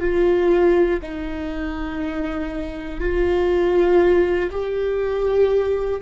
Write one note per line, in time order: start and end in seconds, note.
0.00 1.00 F4
1.02 3.00 D#4
3.00 4.50 F4
4.51 6.01 G4